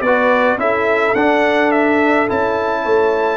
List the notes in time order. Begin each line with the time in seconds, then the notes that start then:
0.00 B3 F#4 B4 D5
0.57 C#4 E4 A4 E5
1.14 D4 F#5
1.71 E5
2.28 C#4 E4 A5
2.82 A3 C#5